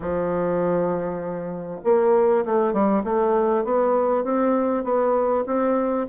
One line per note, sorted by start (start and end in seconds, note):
0.00 1.80 F3
1.84 2.44 A#3
2.45 2.73 A3
2.73 3.03 G3
3.03 3.64 A3
3.64 4.24 B3
4.24 4.83 C4
4.83 5.44 B3
5.46 6.07 C4